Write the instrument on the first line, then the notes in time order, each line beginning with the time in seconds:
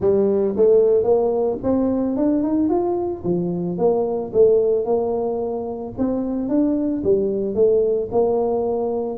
tuba
0.00 G3
0.56 A3
1.03 A#3
1.63 C4
2.16 D4
2.43 D#4
2.69 F4
3.23 F3
3.78 A#3
4.33 A3
4.85 A#3
5.98 C4
6.49 D4
7.03 G3
7.54 A3
8.11 A#3